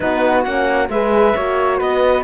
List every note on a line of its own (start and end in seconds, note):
0.00 0.46 B3
0.00 0.44 D#4
0.00 0.90 F#4
0.00 0.43 B4
0.43 0.89 A#3
0.43 0.90 C#4
0.43 0.88 F#5
0.89 1.33 G#3
0.89 1.36 G#4
0.89 1.35 B4
0.89 1.79 E5
1.35 1.80 A#3
1.35 2.24 F#4
1.35 1.78 C#5
1.78 2.24 B3
1.78 2.23 B4
1.78 2.24 D#5